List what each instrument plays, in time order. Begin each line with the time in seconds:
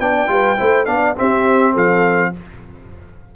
0.00 tuba B3, trombone D4, horn D5, trumpet G5
0.27 tuba G3, trombone F4, horn B4
0.57 tuba A3, trombone E4, horn C5
0.86 tuba B3, trombone D4, horn D5, trumpet F5
1.17 trombone C4, tuba C4, horn G4, trumpet E5
1.74 tuba F3, horn A4, trumpet F5